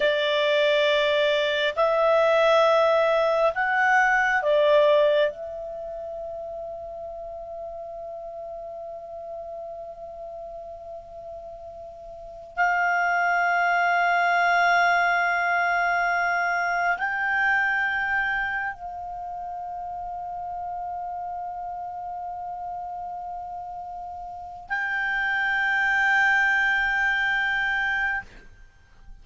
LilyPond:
\new Staff \with { instrumentName = "clarinet" } { \time 4/4 \tempo 4 = 68 d''2 e''2 | fis''4 d''4 e''2~ | e''1~ | e''2~ e''16 f''4.~ f''16~ |
f''2.~ f''16 g''8.~ | g''4~ g''16 f''2~ f''8.~ | f''1 | g''1 | }